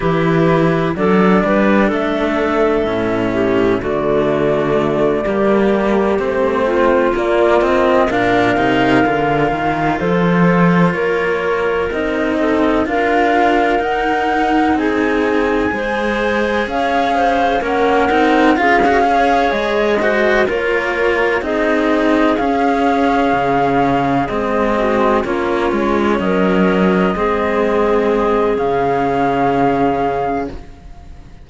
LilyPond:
<<
  \new Staff \with { instrumentName = "flute" } { \time 4/4 \tempo 4 = 63 b'4 d''4 e''2 | d''2~ d''8 c''4 d''8 | dis''8 f''2 c''4 cis''8~ | cis''8 dis''4 f''4 fis''4 gis''8~ |
gis''4. f''4 fis''4 f''8~ | f''8 dis''4 cis''4 dis''4 f''8~ | f''4. dis''4 cis''4 dis''8~ | dis''2 f''2 | }
  \new Staff \with { instrumentName = "clarinet" } { \time 4/4 g'4 a'8 b'8 a'4. g'8 | fis'4. g'4. f'4~ | f'8 ais'2 a'4 ais'8~ | ais'4 a'8 ais'2 gis'8~ |
gis'8 c''4 cis''8 c''8 ais'4 gis'8 | cis''4 c''8 ais'4 gis'4.~ | gis'2 fis'8 f'4 ais'8~ | ais'8 gis'2.~ gis'8 | }
  \new Staff \with { instrumentName = "cello" } { \time 4/4 e'4 d'2 cis'4 | a4. ais4 c'4 ais8 | c'8 d'8 dis'8 f'2~ f'8~ | f'8 dis'4 f'4 dis'4.~ |
dis'8 gis'2 cis'8 dis'8 f'16 fis'16 | gis'4 fis'8 f'4 dis'4 cis'8~ | cis'4. c'4 cis'4.~ | cis'8 c'4. cis'2 | }
  \new Staff \with { instrumentName = "cello" } { \time 4/4 e4 fis8 g8 a4 a,4 | d4. g4 a4 ais8~ | ais8 ais,8 c8 d8 dis8 f4 ais8~ | ais8 c'4 d'4 dis'4 c'8~ |
c'8 gis4 cis'4 ais8 c'8 cis'8~ | cis'8 gis4 ais4 c'4 cis'8~ | cis'8 cis4 gis4 ais8 gis8 fis8~ | fis8 gis4. cis2 | }
>>